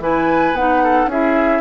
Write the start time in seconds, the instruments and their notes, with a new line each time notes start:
0.00 bassoon E3, clarinet E4, oboe B4, flute G#5
0.53 bassoon B3, clarinet D#4, flute F#5
0.84 oboe A4
1.07 bassoon C#4, clarinet E4, oboe G#4, flute E5